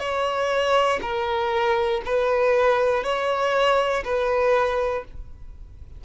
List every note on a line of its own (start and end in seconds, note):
0.00 1.00 C#5
1.02 2.02 A#4
2.05 3.04 B4
3.04 4.04 C#5
4.05 5.05 B4